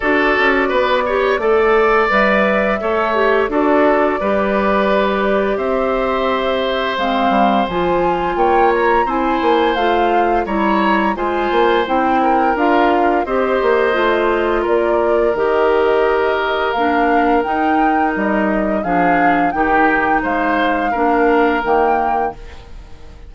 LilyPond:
<<
  \new Staff \with { instrumentName = "flute" } { \time 4/4 \tempo 4 = 86 d''2. e''4~ | e''4 d''2. | e''2 f''4 gis''4 | g''8 ais''8 gis''4 f''4 ais''4 |
gis''4 g''4 f''4 dis''4~ | dis''4 d''4 dis''2 | f''4 g''4 dis''4 f''4 | g''4 f''2 g''4 | }
  \new Staff \with { instrumentName = "oboe" } { \time 4/4 a'4 b'8 cis''8 d''2 | cis''4 a'4 b'2 | c''1 | cis''4 c''2 cis''4 |
c''4. ais'4. c''4~ | c''4 ais'2.~ | ais'2. gis'4 | g'4 c''4 ais'2 | }
  \new Staff \with { instrumentName = "clarinet" } { \time 4/4 fis'4. g'8 a'4 b'4 | a'8 g'8 fis'4 g'2~ | g'2 c'4 f'4~ | f'4 e'4 f'4 e'4 |
f'4 e'4 f'4 g'4 | f'2 g'2 | d'4 dis'2 d'4 | dis'2 d'4 ais4 | }
  \new Staff \with { instrumentName = "bassoon" } { \time 4/4 d'8 cis'8 b4 a4 g4 | a4 d'4 g2 | c'2 gis8 g8 f4 | ais4 c'8 ais8 a4 g4 |
gis8 ais8 c'4 d'4 c'8 ais8 | a4 ais4 dis2 | ais4 dis'4 g4 f4 | dis4 gis4 ais4 dis4 | }
>>